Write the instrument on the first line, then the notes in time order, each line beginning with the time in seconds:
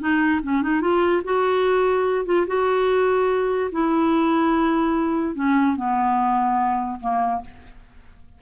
clarinet
0.00 D#4
0.44 C#4
0.63 D#4
0.81 F4
1.25 F#4
2.26 F4
2.48 F#4
3.72 E4
5.35 C#4
5.77 B3
7.01 A#3